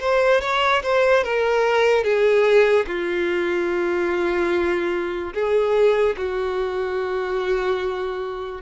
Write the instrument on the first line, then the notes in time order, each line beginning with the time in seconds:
violin
0.00 C5
0.41 C#5
0.82 C5
1.23 A#4
2.03 G#4
2.87 F4
5.33 G#4
6.16 F#4